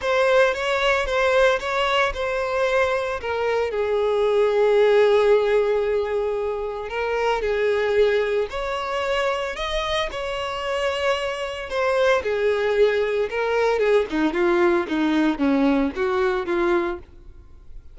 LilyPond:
\new Staff \with { instrumentName = "violin" } { \time 4/4 \tempo 4 = 113 c''4 cis''4 c''4 cis''4 | c''2 ais'4 gis'4~ | gis'1~ | gis'4 ais'4 gis'2 |
cis''2 dis''4 cis''4~ | cis''2 c''4 gis'4~ | gis'4 ais'4 gis'8 dis'8 f'4 | dis'4 cis'4 fis'4 f'4 | }